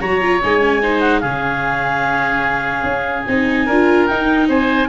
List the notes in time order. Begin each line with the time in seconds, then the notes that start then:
0.00 F#3 F#4 C#5 A#5
0.22 F4
0.42 G#3 D#4 G#5
0.60 C#4
0.83 D#4 C5
1.00 F#5
1.20 C#3 C#4 G#4 F5
2.83 C#4
3.27 C4 D#4 G#5
3.66 D4 F4 A#4
4.06 D#4 G5
4.48 C4 C5 G#5